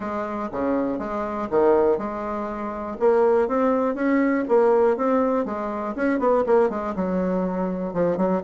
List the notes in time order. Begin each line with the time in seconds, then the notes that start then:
0.00 G#3
0.52 C#3
0.98 G#3
1.50 D#3
1.98 G#3
2.99 A#3
3.48 C4
3.94 C#4
4.48 A#3
4.96 C4
5.45 G#3
5.95 C#4
6.19 B3
6.46 A#3
6.69 G#3
6.95 F#3
7.93 F3
8.17 F#3